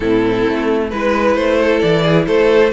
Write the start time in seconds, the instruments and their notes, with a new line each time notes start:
0.00 cello A2, viola C4, violin E4 A4
0.49 cello A3
0.89 cello G#3, viola E4, violin B4
1.35 cello A3, violin C5
1.58 violin A4
1.79 cello E3, violin D5
2.02 violin G#4
2.27 cello A3, violin A4 C5